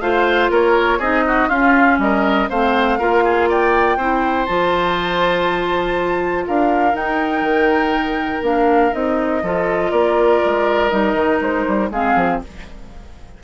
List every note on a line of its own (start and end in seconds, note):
0.00 0.50 A3
0.00 1.01 F4
0.00 0.50 C5
0.00 0.50 F5
0.50 0.99 A#3
0.50 0.98 A#4
0.50 1.00 C#5
0.98 1.49 C4
0.98 1.50 D#4
0.98 1.23 G#4
0.98 1.49 D#5
1.27 1.48 F#4
1.48 1.98 C#4
1.48 2.49 C#4
1.48 1.98 F4
1.48 1.99 F5
1.98 2.48 G3
1.98 2.49 A#4
1.98 2.49 D#5
2.49 3.00 A3
2.49 2.99 C4
2.49 2.98 C5
2.49 3.49 F5
2.98 3.97 A#3
2.98 3.98 F4
2.98 3.23 A#4
3.24 3.49 G#4
3.49 3.97 D5
3.49 4.46 G5
3.97 4.47 C4
3.97 4.48 E4
3.97 6.45 C5
4.46 6.47 F3
4.46 6.94 F4
4.46 6.44 A5
6.47 6.93 D4
6.47 9.43 A#4
6.47 6.95 F5
6.93 7.41 D#4
6.93 8.42 D#4
6.93 8.44 G5
7.41 8.40 D#3
8.42 8.91 A#3
8.42 8.91 D4
8.42 8.93 F5
8.91 9.42 C4
8.91 9.41 D#4
8.91 9.90 D#5
9.42 9.92 F3
9.42 10.90 F4
9.42 9.91 A4
9.90 10.41 A#3
9.90 11.89 A#4
9.90 10.89 D5
10.45 10.91 G#3
10.89 11.14 G3
10.89 11.89 D#4
10.89 11.39 D#5
11.14 11.39 D#3
11.40 11.65 G#3
11.40 11.91 C5
11.67 11.90 G3
11.90 12.15 G#3
11.90 12.43 C4
11.90 12.41 G#4
11.90 12.42 F5
12.15 12.40 F3